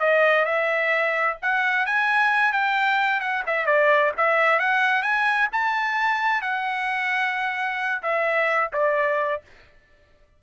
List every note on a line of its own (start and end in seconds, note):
0.00 0.46 D#5
0.46 1.37 E5
1.42 1.86 F#5
1.86 2.53 G#5
2.53 3.21 G5
3.21 3.44 F#5
3.47 3.66 E5
3.66 4.12 D5
4.17 4.60 E5
4.60 5.03 F#5
5.03 5.49 G#5
5.53 6.42 A5
6.42 8.02 F#5
8.03 8.71 E5
8.73 9.42 D5